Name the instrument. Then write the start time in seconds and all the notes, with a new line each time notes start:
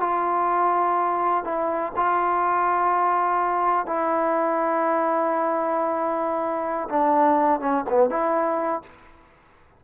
trombone
0.00 F4
1.44 E4
1.96 F4
3.86 E4
6.89 D4
7.60 C#4
7.89 B3
8.10 E4